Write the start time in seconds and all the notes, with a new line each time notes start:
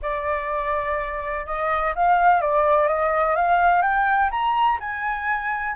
0.02 D5
1.45 D#5
1.95 F5
2.41 D5
2.88 D#5
3.35 F5
3.82 G5
4.30 A#5
4.79 G#5